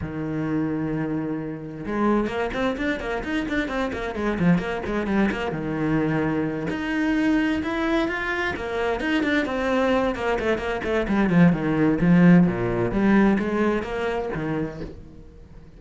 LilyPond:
\new Staff \with { instrumentName = "cello" } { \time 4/4 \tempo 4 = 130 dis1 | gis4 ais8 c'8 d'8 ais8 dis'8 d'8 | c'8 ais8 gis8 f8 ais8 gis8 g8 ais8 | dis2~ dis8 dis'4.~ |
dis'8 e'4 f'4 ais4 dis'8 | d'8 c'4. ais8 a8 ais8 a8 | g8 f8 dis4 f4 ais,4 | g4 gis4 ais4 dis4 | }